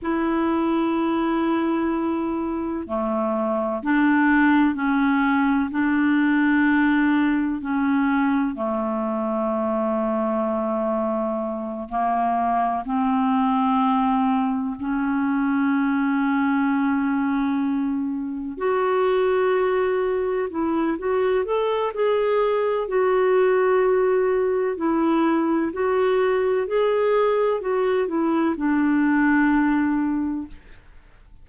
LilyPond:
\new Staff \with { instrumentName = "clarinet" } { \time 4/4 \tempo 4 = 63 e'2. a4 | d'4 cis'4 d'2 | cis'4 a2.~ | a8 ais4 c'2 cis'8~ |
cis'2.~ cis'8 fis'8~ | fis'4. e'8 fis'8 a'8 gis'4 | fis'2 e'4 fis'4 | gis'4 fis'8 e'8 d'2 | }